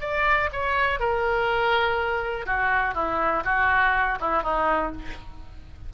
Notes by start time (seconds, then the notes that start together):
0.00 D5
0.52 C#5
0.99 A#4
2.46 F#4
2.94 E4
3.44 F#4
4.20 E4
4.42 D#4